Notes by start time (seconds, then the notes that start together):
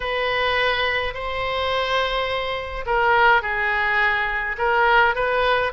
0.00 B4
1.14 C5
2.85 A#4
3.42 G#4
4.58 A#4
5.15 B4